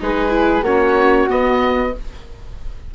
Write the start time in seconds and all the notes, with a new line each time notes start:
0.00 G#3 D#4 G#4 B4
0.30 E4
0.62 A#3 C#4 F#4 C#5
1.29 B3 D#5